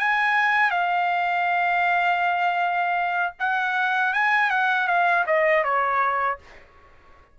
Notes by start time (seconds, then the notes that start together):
0.00 G#5
0.71 F5
3.40 F#5
4.14 G#5
4.50 F#5
4.88 F5
5.27 D#5
5.64 C#5